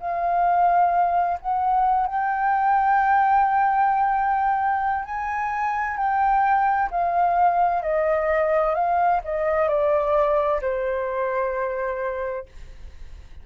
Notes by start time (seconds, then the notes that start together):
0.00 F5
1.41 F#5
2.07 G5
5.05 G#5
5.97 G5
6.91 F5
7.83 D#5
8.74 F5
9.24 D#5
9.68 D5
10.61 C5